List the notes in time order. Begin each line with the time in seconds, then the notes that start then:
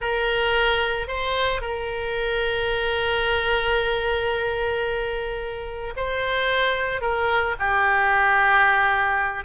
0.01 A#4
1.07 C5
1.61 A#4
5.96 C5
7.01 A#4
7.59 G4